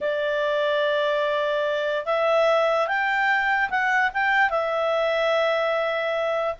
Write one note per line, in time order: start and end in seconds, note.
0.01 2.05 D5
2.05 2.87 E5
2.87 3.69 G5
3.70 4.11 F#5
4.13 4.49 G5
4.49 6.55 E5